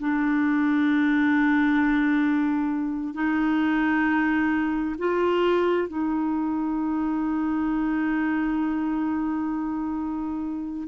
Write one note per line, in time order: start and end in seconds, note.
0.00 3.14 D4
3.14 4.96 D#4
4.99 5.88 F4
5.88 10.88 D#4